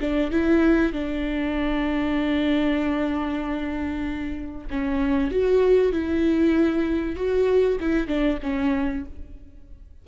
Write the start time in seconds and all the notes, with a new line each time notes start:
0.00 D4
0.31 E4
0.93 D4
4.70 C#4
5.31 F#4
5.92 E4
7.16 F#4
7.80 E4
8.07 D4
8.43 C#4